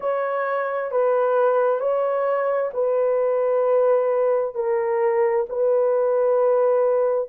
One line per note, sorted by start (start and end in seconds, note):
0.00 0.91 C#5
0.91 1.79 B4
1.79 2.70 C#5
2.73 4.55 B4
4.55 5.45 A#4
5.49 7.28 B4